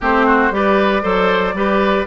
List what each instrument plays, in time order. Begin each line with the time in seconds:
0.01 bassoon A3, clarinet C4, oboe G4, flute C5
0.26 oboe F#4
0.50 bassoon G3, clarinet G4, oboe B4, flute D5
1.02 bassoon F#3, clarinet A4, oboe C5
1.53 bassoon G3, clarinet G4, oboe B4